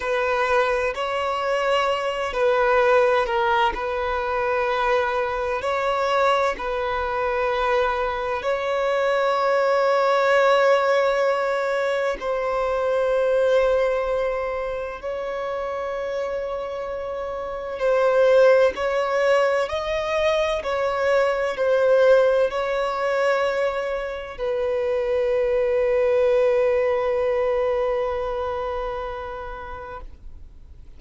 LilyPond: \new Staff \with { instrumentName = "violin" } { \time 4/4 \tempo 4 = 64 b'4 cis''4. b'4 ais'8 | b'2 cis''4 b'4~ | b'4 cis''2.~ | cis''4 c''2. |
cis''2. c''4 | cis''4 dis''4 cis''4 c''4 | cis''2 b'2~ | b'1 | }